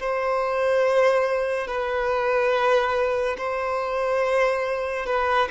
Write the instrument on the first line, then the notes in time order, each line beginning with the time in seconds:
violin
0.00 C5
1.67 B4
3.38 C5
5.06 B4